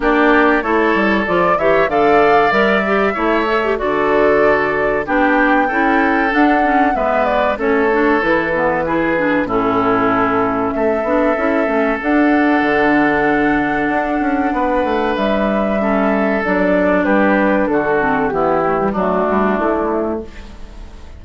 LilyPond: <<
  \new Staff \with { instrumentName = "flute" } { \time 4/4 \tempo 4 = 95 d''4 cis''4 d''8 e''8 f''4 | e''2 d''2 | g''2 fis''4 e''8 d''8 | cis''4 b'2 a'4~ |
a'4 e''2 fis''4~ | fis''1 | e''2 d''4 b'4 | a'4 g'4 fis'4 e'4 | }
  \new Staff \with { instrumentName = "oboe" } { \time 4/4 g'4 a'4. cis''8 d''4~ | d''4 cis''4 a'2 | g'4 a'2 b'4 | a'2 gis'4 e'4~ |
e'4 a'2.~ | a'2. b'4~ | b'4 a'2 g'4 | fis'4 e'4 d'2 | }
  \new Staff \with { instrumentName = "clarinet" } { \time 4/4 d'4 e'4 f'8 g'8 a'4 | ais'8 g'8 e'8 a'16 g'16 fis'2 | d'4 e'4 d'8 cis'8 b4 | cis'8 d'8 e'8 b8 e'8 d'8 cis'4~ |
cis'4. d'8 e'8 cis'8 d'4~ | d'1~ | d'4 cis'4 d'2~ | d'8 c'8 b8 a16 g16 a2 | }
  \new Staff \with { instrumentName = "bassoon" } { \time 4/4 ais4 a8 g8 f8 e8 d4 | g4 a4 d2 | b4 cis'4 d'4 gis4 | a4 e2 a,4~ |
a,4 a8 b8 cis'8 a8 d'4 | d2 d'8 cis'8 b8 a8 | g2 fis4 g4 | d4 e4 fis8 g8 a4 | }
>>